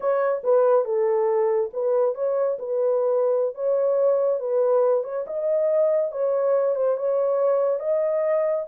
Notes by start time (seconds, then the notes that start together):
0.00 C#5
0.43 B4
0.84 A4
1.73 B4
2.14 C#5
2.59 B4
3.54 C#5
4.39 B4
5.03 C#5
5.26 D#5
6.11 C#5
6.75 C5
6.96 C#5
7.79 D#5